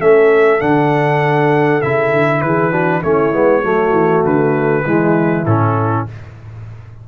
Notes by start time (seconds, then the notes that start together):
0.00 A3 C#4 A4 E5
0.60 D3 D4 F#5
1.82 C#3 E4 E5
2.12 D3
2.42 E3 G#4 B4
2.71 D4 F#4
3.03 A3 C#4 E4 C#5
3.33 G#3 B3
3.63 F#3 A3 F#4
3.92 E3
4.24 D3 B4
4.86 E3 G#3 E4
5.46 A2 C#4 A4